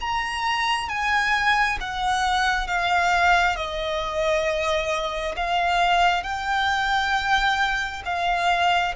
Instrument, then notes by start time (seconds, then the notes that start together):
violin
0.00 A#5
0.88 G#5
1.80 F#5
2.67 F5
3.56 D#5
5.36 F5
6.23 G5
8.05 F5